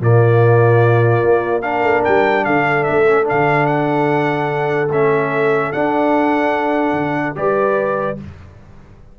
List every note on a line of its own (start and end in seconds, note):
0.00 1.22 A#2
0.00 1.62 A#3
0.00 1.62 F4
0.00 1.61 D5
1.24 1.83 A#3
1.61 3.05 D4
1.61 2.44 A#4
1.61 2.02 F5
1.83 1.92 A3
1.92 2.02 A#3
2.04 2.46 G3
2.04 2.44 G5
2.44 2.87 D3
2.44 7.35 A4
2.44 2.83 F5
2.83 3.30 A3
2.83 3.24 E5
3.08 3.24 C#4
3.24 4.87 D4
3.24 3.66 F5
3.31 4.89 D3
3.66 4.88 F#5
4.89 5.70 A3
4.89 5.74 C#4
4.89 5.72 E5
5.72 7.35 D4
5.72 6.92 D4
5.72 7.35 F#5
6.92 7.33 D3
7.35 8.18 G3
7.35 8.17 G4
7.35 8.19 B4
7.35 8.18 D5